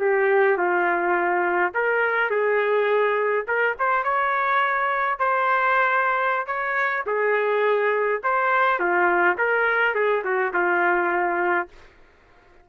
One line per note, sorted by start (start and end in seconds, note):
0.00 0.57 G4
0.57 1.73 F4
1.74 2.31 A#4
2.31 3.46 G#4
3.48 3.77 A#4
3.79 4.04 C5
4.04 5.19 C#5
5.19 6.47 C5
6.47 7.04 C#5
7.06 8.22 G#4
8.24 8.79 C5
8.79 9.37 F4
9.38 9.95 A#4
9.95 10.24 G#4
10.24 10.53 F#4
10.53 11.69 F4